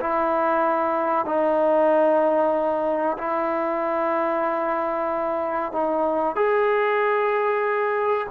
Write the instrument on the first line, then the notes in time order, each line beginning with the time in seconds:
trombone
0.00 E4
1.25 D#4
3.17 E4
5.72 D#4
6.35 G#4